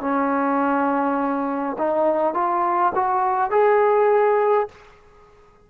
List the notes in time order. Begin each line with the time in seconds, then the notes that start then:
0.00 C#4
1.78 D#4
2.34 F4
2.95 F#4
3.51 G#4